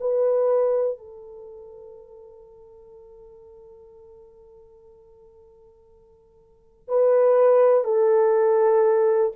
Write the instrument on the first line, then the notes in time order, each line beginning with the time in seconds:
horn
0.00 B4
0.98 A4
6.88 B4
7.84 A4